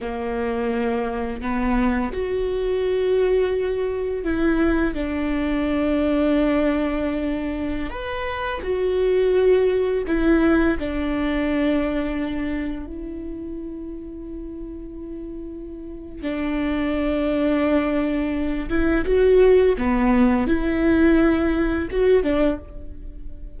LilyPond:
\new Staff \with { instrumentName = "viola" } { \time 4/4 \tempo 4 = 85 ais2 b4 fis'4~ | fis'2 e'4 d'4~ | d'2.~ d'16 b'8.~ | b'16 fis'2 e'4 d'8.~ |
d'2~ d'16 e'4.~ e'16~ | e'2. d'4~ | d'2~ d'8 e'8 fis'4 | b4 e'2 fis'8 d'8 | }